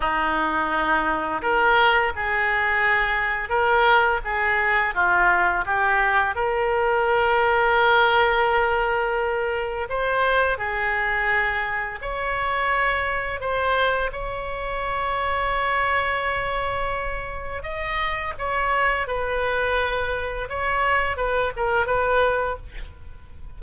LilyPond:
\new Staff \with { instrumentName = "oboe" } { \time 4/4 \tempo 4 = 85 dis'2 ais'4 gis'4~ | gis'4 ais'4 gis'4 f'4 | g'4 ais'2.~ | ais'2 c''4 gis'4~ |
gis'4 cis''2 c''4 | cis''1~ | cis''4 dis''4 cis''4 b'4~ | b'4 cis''4 b'8 ais'8 b'4 | }